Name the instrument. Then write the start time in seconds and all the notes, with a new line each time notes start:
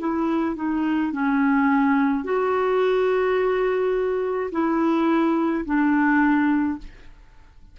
clarinet
0.00 E4
0.56 D#4
1.13 C#4
2.24 F#4
4.52 E4
5.66 D4